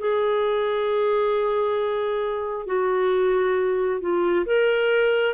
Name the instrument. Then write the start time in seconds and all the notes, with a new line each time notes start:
clarinet
0.00 G#4
2.67 F#4
4.01 F4
4.47 A#4